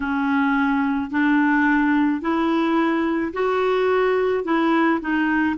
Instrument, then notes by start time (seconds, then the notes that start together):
clarinet
0.00 C#4
1.10 D4
2.21 E4
3.33 F#4
4.44 E4
5.00 D#4